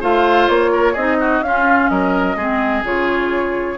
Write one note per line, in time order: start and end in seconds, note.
0.00 0.48 A3
0.00 0.95 F4
0.00 0.71 C5
0.00 0.48 F5
0.48 0.95 A#3
0.48 0.95 C#5
0.72 0.93 A#4
0.93 1.41 C4
0.93 1.43 D#4
0.93 1.16 G#4
0.93 1.42 D#5
1.20 1.44 F#4
1.41 1.88 C#4
1.41 2.38 C#4
1.41 1.91 F4
1.41 1.89 F5
1.89 2.36 F#3
1.89 2.36 A#4
1.89 2.83 D#5
2.36 2.83 G#3
2.36 2.84 C4
2.36 3.77 G#4
2.84 3.77 C#3
2.84 3.77 F4
2.84 3.77 C#5